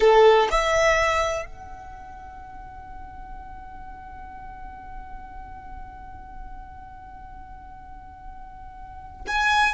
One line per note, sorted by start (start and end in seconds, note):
0.00 0.48 A4
0.51 1.45 E5
1.45 9.25 F#5
9.27 9.74 G#5